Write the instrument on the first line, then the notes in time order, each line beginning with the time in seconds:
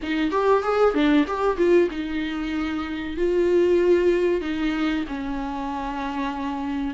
viola
0.02 D#4
0.31 G4
0.62 G#4
0.94 D4
1.27 G4
1.57 F4
1.90 D#4
3.16 F4
4.41 D#4
5.08 C#4